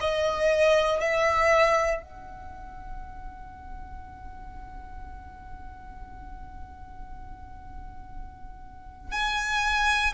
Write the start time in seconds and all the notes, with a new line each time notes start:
0.00 D#5
1.00 E5
2.02 F#5
9.11 G#5